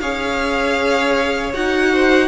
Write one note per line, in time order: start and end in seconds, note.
0.00 1.53 C#4
0.00 1.53 G#4
0.00 1.92 C#5
0.00 1.52 F5
1.53 2.28 D#4
1.53 2.28 F#4
1.53 2.28 F#5
1.93 2.28 C5